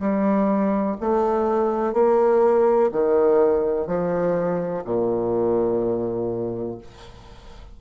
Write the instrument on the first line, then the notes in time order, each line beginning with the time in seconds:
bassoon
0.00 G3
1.01 A3
1.94 A#3
2.93 D#3
3.87 F3
4.85 A#2